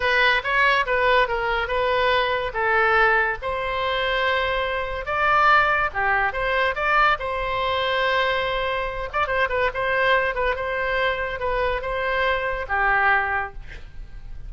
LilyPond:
\new Staff \with { instrumentName = "oboe" } { \time 4/4 \tempo 4 = 142 b'4 cis''4 b'4 ais'4 | b'2 a'2 | c''1 | d''2 g'4 c''4 |
d''4 c''2.~ | c''4. d''8 c''8 b'8 c''4~ | c''8 b'8 c''2 b'4 | c''2 g'2 | }